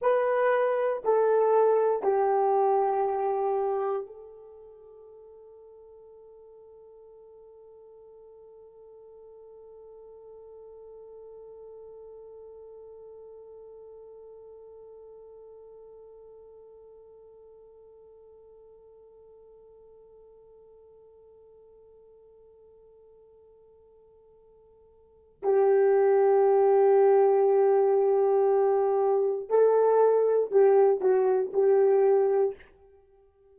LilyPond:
\new Staff \with { instrumentName = "horn" } { \time 4/4 \tempo 4 = 59 b'4 a'4 g'2 | a'1~ | a'1~ | a'1~ |
a'1~ | a'1~ | a'4 g'2.~ | g'4 a'4 g'8 fis'8 g'4 | }